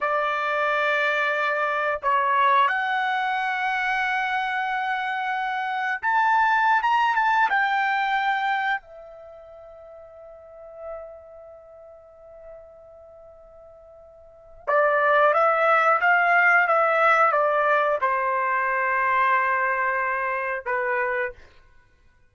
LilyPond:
\new Staff \with { instrumentName = "trumpet" } { \time 4/4 \tempo 4 = 90 d''2. cis''4 | fis''1~ | fis''4 a''4~ a''16 ais''8 a''8 g''8.~ | g''4~ g''16 e''2~ e''8.~ |
e''1~ | e''2 d''4 e''4 | f''4 e''4 d''4 c''4~ | c''2. b'4 | }